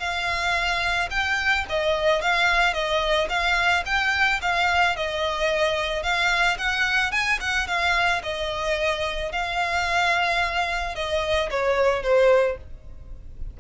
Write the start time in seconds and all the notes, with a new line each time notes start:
0.00 F5
1.11 G5
1.70 D#5
2.22 F5
2.74 D#5
3.29 F5
3.86 G5
4.42 F5
4.96 D#5
6.03 F5
6.58 F#5
7.12 G#5
7.41 F#5
7.67 F5
8.23 D#5
9.32 F5
10.95 D#5
11.51 C#5
12.03 C5